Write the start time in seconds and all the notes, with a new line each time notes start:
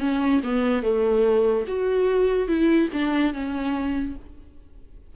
0.00 C#4
0.43 B3
0.83 A3
1.67 F#4
2.48 E4
2.93 D4
3.33 C#4